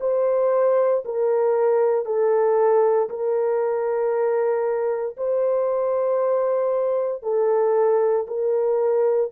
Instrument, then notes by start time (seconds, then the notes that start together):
horn
0.00 C5
1.05 A#4
2.05 A4
3.09 A#4
5.17 C5
7.23 A4
8.28 A#4